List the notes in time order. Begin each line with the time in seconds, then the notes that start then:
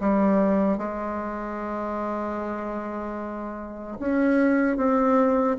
0.00 G3
0.77 G#3
3.99 C#4
4.77 C4